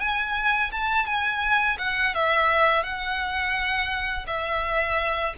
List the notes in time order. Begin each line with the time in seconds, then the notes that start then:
0.00 G#5
0.72 A5
1.06 G#5
1.79 F#5
2.15 E5
2.84 F#5
4.27 E5